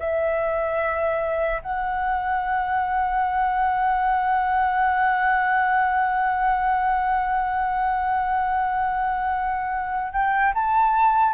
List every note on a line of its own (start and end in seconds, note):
0.00 1.62 E5
1.63 10.13 F#5
10.13 10.54 G5
10.55 11.34 A5